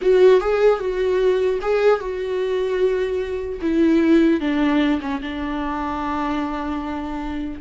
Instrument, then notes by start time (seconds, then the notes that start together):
viola
0.01 F#4
0.40 G#4
0.79 F#4
1.61 G#4
1.99 F#4
3.61 E4
4.40 D4
5.01 C#4
5.22 D4